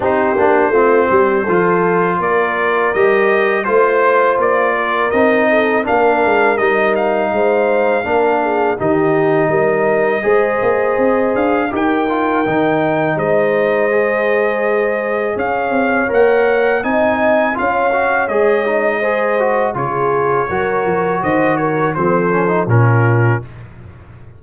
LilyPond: <<
  \new Staff \with { instrumentName = "trumpet" } { \time 4/4 \tempo 4 = 82 c''2. d''4 | dis''4 c''4 d''4 dis''4 | f''4 dis''8 f''2~ f''8 | dis''2.~ dis''8 f''8 |
g''2 dis''2~ | dis''4 f''4 fis''4 gis''4 | f''4 dis''2 cis''4~ | cis''4 dis''8 cis''8 c''4 ais'4 | }
  \new Staff \with { instrumentName = "horn" } { \time 4/4 g'4 f'8 g'8 a'4 ais'4~ | ais'4 c''4. ais'4 a'8 | ais'2 c''4 ais'8 gis'8 | g'4 ais'4 c''2 |
ais'2 c''2~ | c''4 cis''2 dis''4 | cis''2 c''4 gis'4 | ais'4 c''8 ais'8 a'4 f'4 | }
  \new Staff \with { instrumentName = "trombone" } { \time 4/4 dis'8 d'8 c'4 f'2 | g'4 f'2 dis'4 | d'4 dis'2 d'4 | dis'2 gis'2 |
g'8 f'8 dis'2 gis'4~ | gis'2 ais'4 dis'4 | f'8 fis'8 gis'8 dis'8 gis'8 fis'8 f'4 | fis'2 c'8 cis'16 dis'16 cis'4 | }
  \new Staff \with { instrumentName = "tuba" } { \time 4/4 c'8 ais8 a8 g8 f4 ais4 | g4 a4 ais4 c'4 | ais8 gis8 g4 gis4 ais4 | dis4 g4 gis8 ais8 c'8 d'8 |
dis'4 dis4 gis2~ | gis4 cis'8 c'8 ais4 c'4 | cis'4 gis2 cis4 | fis8 f8 dis4 f4 ais,4 | }
>>